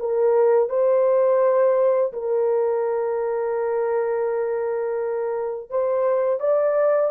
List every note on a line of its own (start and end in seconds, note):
0.00 0.70 A#4
0.70 2.13 C5
2.13 5.70 A#4
5.70 6.40 C5
6.40 7.12 D5